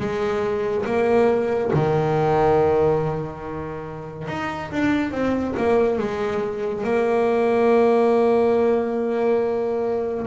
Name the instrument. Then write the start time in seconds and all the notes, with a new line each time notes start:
double bass
0.00 G#3
0.86 A#3
1.74 D#3
4.28 D#4
4.72 D4
5.12 C4
5.58 A#3
5.99 G#3
6.84 A#3